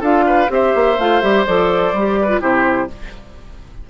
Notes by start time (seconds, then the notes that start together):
0.00 D4 F4 A4 F5
0.26 B4
0.48 C4 G4 C5 E5
0.75 A#3
0.98 A3 F4 F5
1.21 G3 G4 E5
1.46 F3 A4 D5
1.93 G3 G4
2.21 B4
2.28 F4
2.40 C3 E4 G4 C5